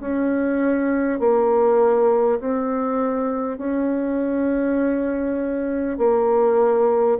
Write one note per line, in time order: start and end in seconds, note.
0.00 1.19 C#4
1.19 2.39 A#3
2.39 3.58 C4
3.58 5.98 C#4
5.98 7.18 A#3